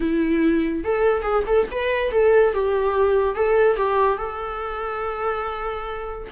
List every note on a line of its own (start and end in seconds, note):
0.00 0.84 E4
0.84 1.22 A4
1.22 1.43 G#4
1.46 1.67 A4
1.71 2.11 B4
2.11 2.53 A4
2.53 3.35 G4
3.35 3.76 A4
3.76 4.17 G4
4.17 6.27 A4